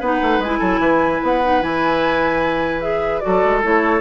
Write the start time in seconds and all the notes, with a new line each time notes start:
0.00 B3 D#4 B4 F#5
0.22 A3
0.39 G#3 G#5
0.45 E4
0.59 F#3 A4
0.79 E3 B4
1.23 B3 F#5
1.43 D#4
1.61 E3 E4 G#5
2.81 G#4 E5
3.20 F#4 A4 D5
3.26 F#3
3.45 G#3
3.63 A3 E4 C#5